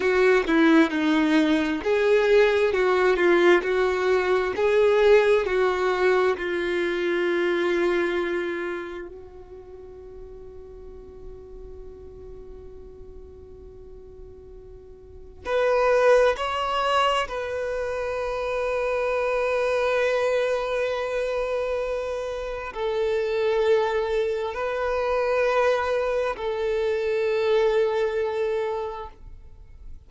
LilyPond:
\new Staff \with { instrumentName = "violin" } { \time 4/4 \tempo 4 = 66 fis'8 e'8 dis'4 gis'4 fis'8 f'8 | fis'4 gis'4 fis'4 f'4~ | f'2 fis'2~ | fis'1~ |
fis'4 b'4 cis''4 b'4~ | b'1~ | b'4 a'2 b'4~ | b'4 a'2. | }